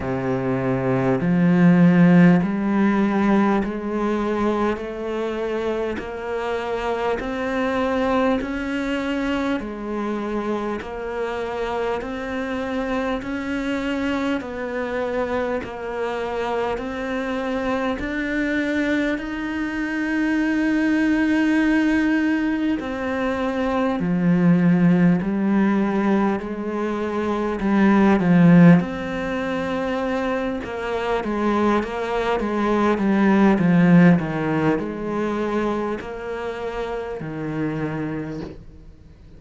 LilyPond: \new Staff \with { instrumentName = "cello" } { \time 4/4 \tempo 4 = 50 c4 f4 g4 gis4 | a4 ais4 c'4 cis'4 | gis4 ais4 c'4 cis'4 | b4 ais4 c'4 d'4 |
dis'2. c'4 | f4 g4 gis4 g8 f8 | c'4. ais8 gis8 ais8 gis8 g8 | f8 dis8 gis4 ais4 dis4 | }